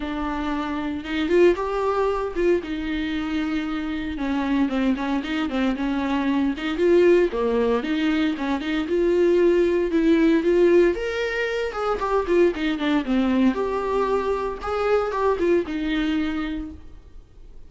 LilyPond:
\new Staff \with { instrumentName = "viola" } { \time 4/4 \tempo 4 = 115 d'2 dis'8 f'8 g'4~ | g'8 f'8 dis'2. | cis'4 c'8 cis'8 dis'8 c'8 cis'4~ | cis'8 dis'8 f'4 ais4 dis'4 |
cis'8 dis'8 f'2 e'4 | f'4 ais'4. gis'8 g'8 f'8 | dis'8 d'8 c'4 g'2 | gis'4 g'8 f'8 dis'2 | }